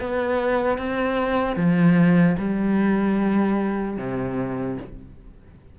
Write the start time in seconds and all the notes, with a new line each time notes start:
0.00 B3
0.78 C4
1.56 F3
2.39 G3
3.97 C3